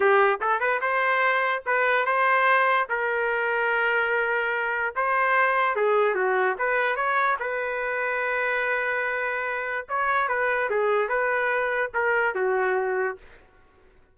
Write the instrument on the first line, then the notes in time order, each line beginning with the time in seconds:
trumpet
0.00 G4
0.41 A4
0.59 B4
0.81 C5
1.66 B4
2.05 C5
2.89 A#4
4.95 C5
5.75 G#4
6.14 F#4
6.58 B4
6.95 C#5
7.39 B4
9.89 C#5
10.28 B4
10.70 G#4
11.08 B4
11.93 A#4
12.35 F#4